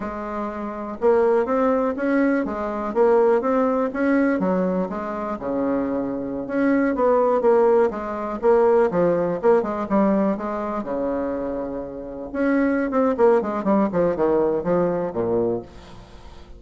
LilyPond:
\new Staff \with { instrumentName = "bassoon" } { \time 4/4 \tempo 4 = 123 gis2 ais4 c'4 | cis'4 gis4 ais4 c'4 | cis'4 fis4 gis4 cis4~ | cis4~ cis16 cis'4 b4 ais8.~ |
ais16 gis4 ais4 f4 ais8 gis16~ | gis16 g4 gis4 cis4.~ cis16~ | cis4~ cis16 cis'4~ cis'16 c'8 ais8 gis8 | g8 f8 dis4 f4 ais,4 | }